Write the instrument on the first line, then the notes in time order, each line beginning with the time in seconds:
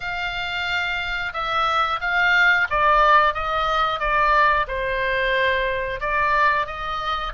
oboe
0.00 F5
1.33 E5
2.00 F5
2.70 D5
3.34 D#5
3.99 D5
4.67 C5
6.00 D5
6.66 D#5